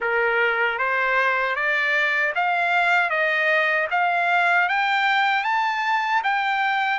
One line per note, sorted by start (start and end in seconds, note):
0.00 0.78 A#4
0.78 1.55 C5
1.55 2.33 D5
2.35 3.10 F5
3.10 3.87 D#5
3.91 4.68 F5
4.68 5.44 G5
5.44 6.22 A5
6.23 6.99 G5